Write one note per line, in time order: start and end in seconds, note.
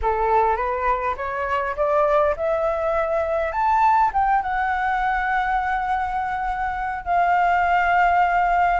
0.02 0.56 A4
0.56 1.15 B4
1.16 1.75 C#5
1.76 2.35 D5
2.36 3.51 E5
3.51 4.10 A5
4.13 4.42 G5
4.42 7.04 F#5
7.04 8.80 F5